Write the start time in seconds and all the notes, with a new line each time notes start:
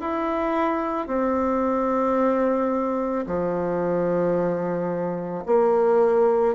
0.00 E4
1.08 C4
3.26 F3
5.46 A#3